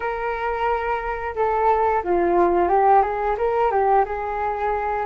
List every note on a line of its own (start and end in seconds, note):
0.00 1.35 A#4
1.35 2.03 A4
2.03 2.68 F4
2.68 3.02 G4
3.02 3.36 G#4
3.37 3.71 A#4
3.71 4.04 G4
4.05 5.06 G#4